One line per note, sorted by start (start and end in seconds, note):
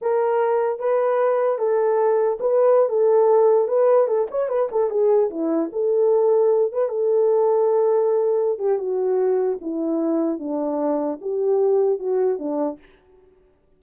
0.01 0.79 A#4
0.79 1.58 B4
1.58 2.38 A4
2.40 2.89 B4
2.89 3.68 A4
3.68 4.07 B4
4.07 4.27 A4
4.31 4.48 C#5
4.48 4.68 B4
4.71 4.90 A4
4.90 5.30 G#4
5.30 5.70 E4
5.72 6.72 A4
6.72 6.89 B4
6.89 8.59 A4
8.59 8.78 G4
8.78 9.58 F#4
9.61 10.39 E4
10.39 11.19 D4
11.21 11.99 G4
11.99 12.38 F#4
12.38 12.78 D4